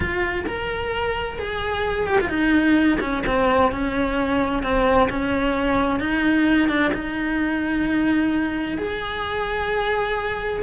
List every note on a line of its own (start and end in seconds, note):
0.00 0.45 F4
0.46 1.38 A#4
1.38 2.07 G#4
2.07 2.18 G4
2.20 2.29 F4
2.29 2.98 D#4
3.00 3.23 C#4
3.26 3.71 C4
3.71 4.62 C#4
4.62 5.08 C4
5.09 5.99 C#4
5.99 6.68 D#4
6.68 6.91 D4
6.93 8.78 D#4
8.78 10.62 G#4